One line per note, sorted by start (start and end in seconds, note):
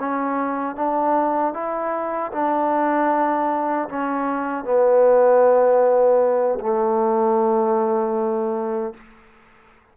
0.00 0.76 C#4
0.76 1.54 D4
1.54 2.32 E4
2.33 3.89 D4
3.89 4.65 C#4
4.65 6.60 B3
6.60 8.94 A3